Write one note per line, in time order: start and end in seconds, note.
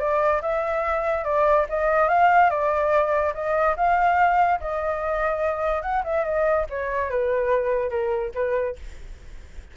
0.00 0.42 D5
0.42 1.25 E5
1.25 1.66 D5
1.70 2.09 D#5
2.09 2.50 F5
2.50 3.33 D5
3.34 3.76 D#5
3.77 4.60 F5
4.60 5.82 D#5
5.82 6.03 F#5
6.04 6.25 E5
6.25 6.66 D#5
6.70 7.10 C#5
7.10 7.90 B4
7.90 8.32 A#4
8.35 8.76 B4